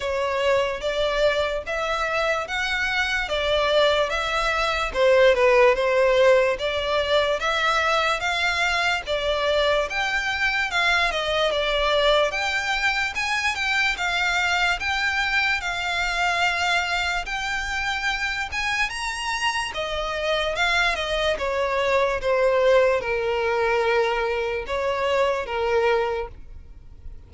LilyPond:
\new Staff \with { instrumentName = "violin" } { \time 4/4 \tempo 4 = 73 cis''4 d''4 e''4 fis''4 | d''4 e''4 c''8 b'8 c''4 | d''4 e''4 f''4 d''4 | g''4 f''8 dis''8 d''4 g''4 |
gis''8 g''8 f''4 g''4 f''4~ | f''4 g''4. gis''8 ais''4 | dis''4 f''8 dis''8 cis''4 c''4 | ais'2 cis''4 ais'4 | }